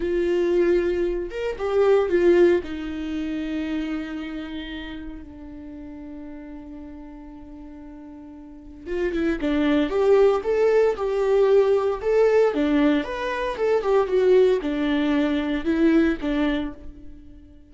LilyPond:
\new Staff \with { instrumentName = "viola" } { \time 4/4 \tempo 4 = 115 f'2~ f'8 ais'8 g'4 | f'4 dis'2.~ | dis'2 d'2~ | d'1~ |
d'4 f'8 e'8 d'4 g'4 | a'4 g'2 a'4 | d'4 b'4 a'8 g'8 fis'4 | d'2 e'4 d'4 | }